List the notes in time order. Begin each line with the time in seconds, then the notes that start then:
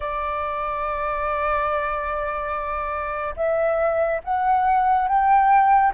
0.00 D5
3.36 E5
4.23 F#5
5.08 G5